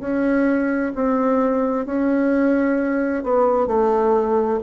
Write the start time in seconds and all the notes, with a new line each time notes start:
0.00 C#4
0.94 C4
1.85 C#4
3.23 B3
3.67 A3